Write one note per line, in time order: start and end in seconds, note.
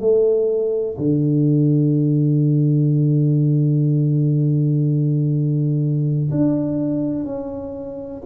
0.00 0.97 A3
0.98 6.30 D3
6.31 7.25 D4
7.25 8.22 C#4